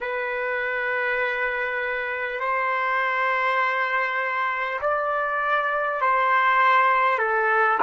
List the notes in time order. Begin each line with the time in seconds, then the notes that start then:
0.00 B4
2.39 C5
4.81 D5
6.01 C5
7.18 A4